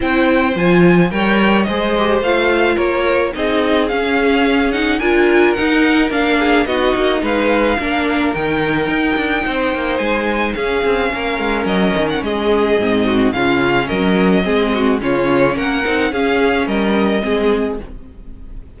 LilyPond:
<<
  \new Staff \with { instrumentName = "violin" } { \time 4/4 \tempo 4 = 108 g''4 gis''4 g''4 dis''4 | f''4 cis''4 dis''4 f''4~ | f''8 fis''8 gis''4 fis''4 f''4 | dis''4 f''2 g''4~ |
g''2 gis''4 f''4~ | f''4 dis''8. fis''16 dis''2 | f''4 dis''2 cis''4 | fis''4 f''4 dis''2 | }
  \new Staff \with { instrumentName = "violin" } { \time 4/4 c''2 cis''4 c''4~ | c''4 ais'4 gis'2~ | gis'4 ais'2~ ais'8 gis'8 | fis'4 b'4 ais'2~ |
ais'4 c''2 gis'4 | ais'2 gis'4. fis'8 | f'4 ais'4 gis'8 fis'8 f'4 | ais'4 gis'4 ais'4 gis'4 | }
  \new Staff \with { instrumentName = "viola" } { \time 4/4 e'4 f'4 ais'4 gis'8 g'8 | f'2 dis'4 cis'4~ | cis'8 dis'8 f'4 dis'4 d'4 | dis'2 d'4 dis'4~ |
dis'2. cis'4~ | cis'2. c'4 | cis'2 c'4 cis'4~ | cis'8 dis'8 cis'2 c'4 | }
  \new Staff \with { instrumentName = "cello" } { \time 4/4 c'4 f4 g4 gis4 | a4 ais4 c'4 cis'4~ | cis'4 d'4 dis'4 ais4 | b8 ais8 gis4 ais4 dis4 |
dis'8 d'8 c'8 ais8 gis4 cis'8 c'8 | ais8 gis8 fis8 dis8 gis4 gis,4 | cis4 fis4 gis4 cis4 | ais8 c'8 cis'4 g4 gis4 | }
>>